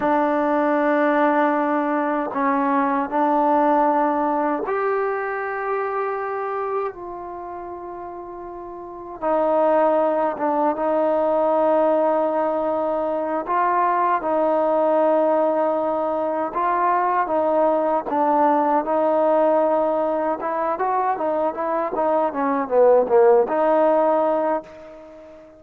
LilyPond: \new Staff \with { instrumentName = "trombone" } { \time 4/4 \tempo 4 = 78 d'2. cis'4 | d'2 g'2~ | g'4 f'2. | dis'4. d'8 dis'2~ |
dis'4. f'4 dis'4.~ | dis'4. f'4 dis'4 d'8~ | d'8 dis'2 e'8 fis'8 dis'8 | e'8 dis'8 cis'8 b8 ais8 dis'4. | }